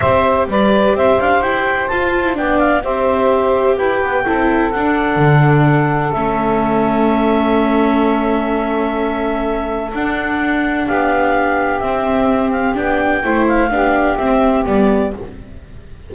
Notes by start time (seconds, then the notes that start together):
0.00 C4 G4 C5 E5
0.47 G3 B4 D5
0.94 C4 C5 E5
1.19 D4 F5
1.40 E4 G5
1.88 F4 A5
2.26 E4
2.34 B3 D4 D5 G5
2.58 F5
2.83 C4 G4 C5 E5
3.76 E4 B4 G5
4.02 B3
4.25 C4 E4 A4
4.71 D4 F#5
5.16 D3
6.12 A3 C#4 E5
9.93 D4 F#5
10.85 B3 G4 F5
11.79 C4 E5
12.51 F5
12.74 B3 D4 G5
13.24 A3 E4 C5
13.47 F5
13.70 B3 D4 G4
14.17 C4 E5
14.65 G3 B3 D5